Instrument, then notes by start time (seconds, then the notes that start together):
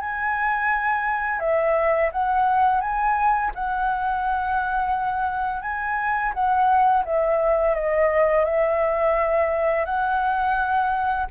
flute
0.00 G#5
1.40 E5
2.12 F#5
2.81 G#5
3.55 F#5
5.62 G#5
6.33 F#5
7.05 E5
7.75 D#5
8.44 E5
9.85 F#5